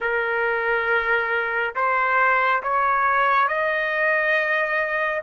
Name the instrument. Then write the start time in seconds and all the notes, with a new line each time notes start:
trumpet
0.00 A#4
1.75 C5
2.62 C#5
3.47 D#5